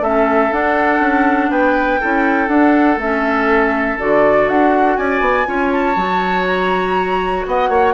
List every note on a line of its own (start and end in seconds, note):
0.00 0.50 A3
0.00 0.51 C#4
0.00 1.51 A4
0.00 0.53 E5
0.51 2.00 D4
0.51 1.00 D4
0.51 1.51 F#5
1.00 1.49 C#4
1.50 2.00 B3
1.50 2.00 B4
1.50 2.48 G5
2.00 2.48 C#4
2.00 2.48 E4
2.00 4.98 A4
2.48 2.97 D4
2.48 2.98 F#5
2.97 3.96 A3
2.97 3.99 C#4
2.97 3.99 E5
3.99 4.49 D3
3.99 5.45 F#4
3.99 4.49 D5
4.49 4.97 D4
4.49 4.97 F#5
4.97 5.20 C#4
4.97 5.47 D5
4.97 5.71 G#5
5.20 5.45 B3
5.45 5.96 C#4
5.45 5.95 F4
5.45 7.46 C#5
5.71 6.46 A5
5.96 7.45 F#3
5.96 7.94 F#4
6.46 7.46 A#5
7.46 7.69 B3
7.46 7.69 D#5
7.46 7.94 F#5
7.69 7.93 A#3
7.69 7.94 C#5